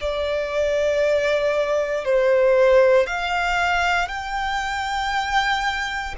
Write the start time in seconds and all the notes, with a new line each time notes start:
0.00 D5
2.04 C5
3.07 F5
4.08 G5